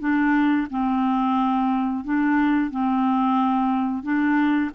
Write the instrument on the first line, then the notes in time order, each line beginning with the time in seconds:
clarinet
0.00 D4
0.70 C4
2.05 D4
2.71 C4
4.03 D4